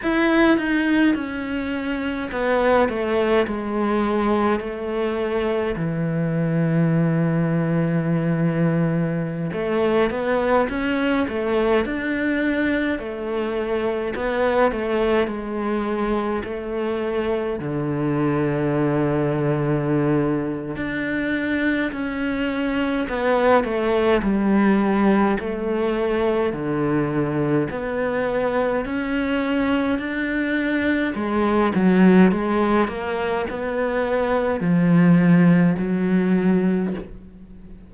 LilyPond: \new Staff \with { instrumentName = "cello" } { \time 4/4 \tempo 4 = 52 e'8 dis'8 cis'4 b8 a8 gis4 | a4 e2.~ | e16 a8 b8 cis'8 a8 d'4 a8.~ | a16 b8 a8 gis4 a4 d8.~ |
d2 d'4 cis'4 | b8 a8 g4 a4 d4 | b4 cis'4 d'4 gis8 fis8 | gis8 ais8 b4 f4 fis4 | }